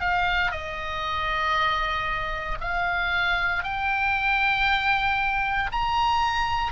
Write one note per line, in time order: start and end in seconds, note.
0.00 0.51 F5
0.51 2.58 D#5
2.60 3.63 F5
3.63 5.70 G5
5.72 6.72 A#5